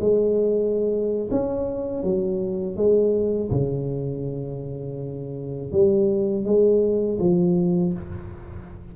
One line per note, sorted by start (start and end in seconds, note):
0.00 1.30 G#3
1.31 2.03 C#4
2.03 2.76 F#3
2.76 3.50 G#3
3.51 5.72 C#3
5.72 6.45 G3
6.45 7.19 G#3
7.19 7.93 F3